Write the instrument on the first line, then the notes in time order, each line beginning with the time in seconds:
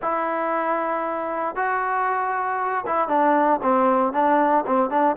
trombone
0.02 E4
1.55 F#4
2.86 E4
3.08 D4
3.62 C4
4.12 D4
4.66 C4
4.90 D4